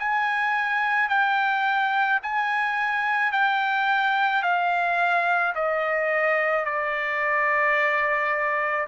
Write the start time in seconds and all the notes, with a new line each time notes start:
0.00 G#5
1.10 G5
2.23 G#5
3.33 G5
4.43 F5
5.56 D#5
6.66 D5